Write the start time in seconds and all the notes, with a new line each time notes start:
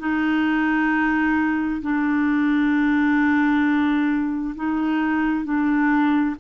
0.00 D#4
1.82 D4
4.56 D#4
5.45 D4